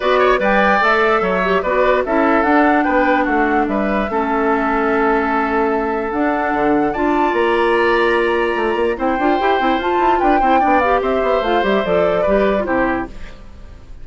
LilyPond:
<<
  \new Staff \with { instrumentName = "flute" } { \time 4/4 \tempo 4 = 147 d''4 g''4 e''2 | d''4 e''4 fis''4 g''4 | fis''4 e''2.~ | e''2. fis''4~ |
fis''4 a''4 ais''2~ | ais''2 g''2 | a''4 g''4. f''8 e''4 | f''8 e''8 d''2 c''4 | }
  \new Staff \with { instrumentName = "oboe" } { \time 4/4 b'8 cis''8 d''2 cis''4 | b'4 a'2 b'4 | fis'4 b'4 a'2~ | a'1~ |
a'4 d''2.~ | d''2 c''2~ | c''4 b'8 c''8 d''4 c''4~ | c''2 b'4 g'4 | }
  \new Staff \with { instrumentName = "clarinet" } { \time 4/4 fis'4 b'4 a'4. g'8 | fis'4 e'4 d'2~ | d'2 cis'2~ | cis'2. d'4~ |
d'4 f'2.~ | f'2 e'8 f'8 g'8 e'8 | f'4. e'8 d'8 g'4. | f'8 g'8 a'4 g'8. f'16 e'4 | }
  \new Staff \with { instrumentName = "bassoon" } { \time 4/4 b4 g4 a4 fis4 | b4 cis'4 d'4 b4 | a4 g4 a2~ | a2. d'4 |
d4 d'4 ais2~ | ais4 a8 ais8 c'8 d'8 e'8 c'8 | f'8 e'8 d'8 c'8 b4 c'8 b8 | a8 g8 f4 g4 c4 | }
>>